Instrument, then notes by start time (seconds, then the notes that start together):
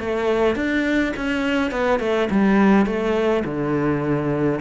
cello
0.00 A3
0.56 D4
1.17 C#4
1.71 B3
2.00 A3
2.31 G3
2.86 A3
3.45 D3